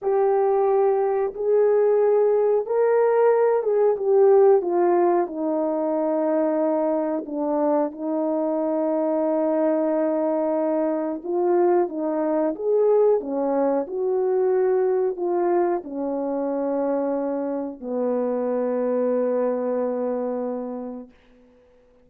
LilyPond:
\new Staff \with { instrumentName = "horn" } { \time 4/4 \tempo 4 = 91 g'2 gis'2 | ais'4. gis'8 g'4 f'4 | dis'2. d'4 | dis'1~ |
dis'4 f'4 dis'4 gis'4 | cis'4 fis'2 f'4 | cis'2. b4~ | b1 | }